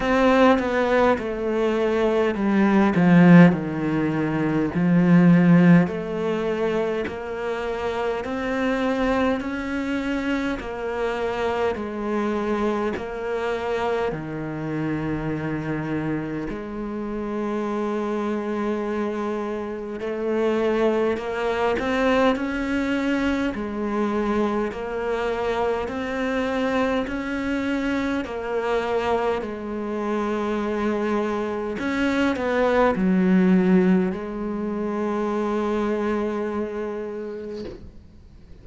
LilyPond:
\new Staff \with { instrumentName = "cello" } { \time 4/4 \tempo 4 = 51 c'8 b8 a4 g8 f8 dis4 | f4 a4 ais4 c'4 | cis'4 ais4 gis4 ais4 | dis2 gis2~ |
gis4 a4 ais8 c'8 cis'4 | gis4 ais4 c'4 cis'4 | ais4 gis2 cis'8 b8 | fis4 gis2. | }